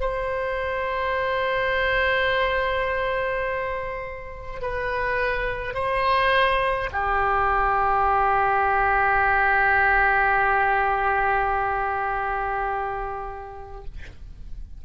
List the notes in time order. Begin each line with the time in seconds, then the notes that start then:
0.00 C5
4.62 B4
5.74 C5
6.92 G4